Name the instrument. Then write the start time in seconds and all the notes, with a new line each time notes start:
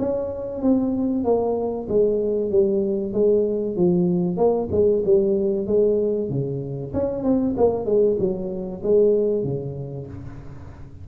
tuba
0.00 C#4
0.62 C4
1.25 A#3
1.89 G#3
2.51 G3
3.13 G#3
3.77 F3
4.37 A#3
4.72 G#3
5.06 G3
5.67 G#3
6.30 C#3
6.94 C#4
7.24 C4
7.57 A#3
7.86 G#3
8.20 F#3
8.83 G#3
9.44 C#3